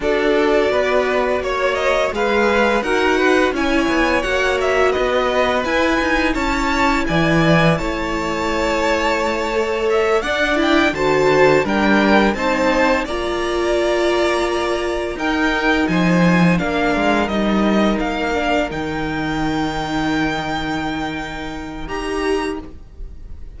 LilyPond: <<
  \new Staff \with { instrumentName = "violin" } { \time 4/4 \tempo 4 = 85 d''2 cis''8 dis''8 f''4 | fis''4 gis''4 fis''8 e''8 dis''4 | gis''4 a''4 gis''4 a''4~ | a''2 e''8 fis''8 g''8 a''8~ |
a''8 g''4 a''4 ais''4.~ | ais''4. g''4 gis''4 f''8~ | f''8 dis''4 f''4 g''4.~ | g''2. ais''4 | }
  \new Staff \with { instrumentName = "violin" } { \time 4/4 a'4 b'4 cis''4 b'4 | ais'8 b'8 cis''2 b'4~ | b'4 cis''4 d''4 cis''4~ | cis''2~ cis''8 d''4 c''8~ |
c''8 ais'4 c''4 d''4.~ | d''4. ais'4 c''4 ais'8~ | ais'1~ | ais'1 | }
  \new Staff \with { instrumentName = "viola" } { \time 4/4 fis'2. gis'4 | fis'4 e'4 fis'2 | e'1~ | e'4. a'4 d'8 e'8 fis'8~ |
fis'8 d'4 dis'4 f'4.~ | f'4. dis'2 d'8~ | d'8 dis'4. d'8 dis'4.~ | dis'2. g'4 | }
  \new Staff \with { instrumentName = "cello" } { \time 4/4 d'4 b4 ais4 gis4 | dis'4 cis'8 b8 ais4 b4 | e'8 dis'8 cis'4 e4 a4~ | a2~ a8 d'4 d8~ |
d8 g4 c'4 ais4.~ | ais4. dis'4 f4 ais8 | gis8 g4 ais4 dis4.~ | dis2. dis'4 | }
>>